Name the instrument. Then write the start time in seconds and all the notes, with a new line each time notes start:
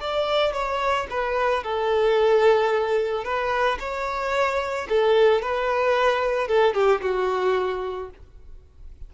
violin
0.00 D5
0.53 C#5
1.10 B4
1.63 A4
3.24 B4
3.79 C#5
4.89 A4
5.41 B4
6.47 A4
6.74 G4
7.01 F#4